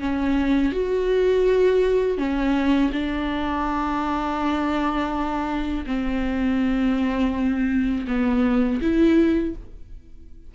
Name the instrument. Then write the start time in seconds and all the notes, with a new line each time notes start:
viola
0.00 C#4
0.73 F#4
2.18 C#4
2.93 D4
5.87 C4
8.08 B3
8.82 E4